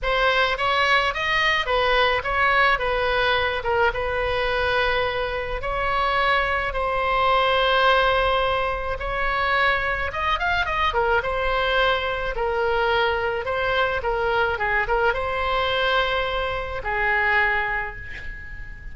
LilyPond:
\new Staff \with { instrumentName = "oboe" } { \time 4/4 \tempo 4 = 107 c''4 cis''4 dis''4 b'4 | cis''4 b'4. ais'8 b'4~ | b'2 cis''2 | c''1 |
cis''2 dis''8 f''8 dis''8 ais'8 | c''2 ais'2 | c''4 ais'4 gis'8 ais'8 c''4~ | c''2 gis'2 | }